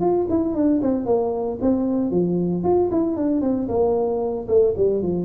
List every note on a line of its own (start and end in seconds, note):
0.00 0.26 F4
0.29 0.54 E4
0.54 0.81 D4
0.81 1.05 C4
1.05 1.58 A#3
1.61 2.10 C4
2.10 2.63 F3
2.63 2.89 F4
2.91 3.16 E4
3.16 3.41 D4
3.41 3.67 C4
3.68 4.47 A#3
4.47 4.74 A3
4.76 5.02 G3
5.02 5.25 F3